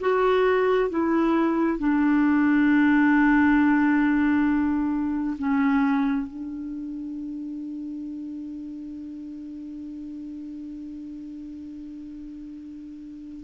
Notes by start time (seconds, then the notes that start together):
0.00 F#4
0.90 E4
1.79 D4
5.38 C#4
6.27 D4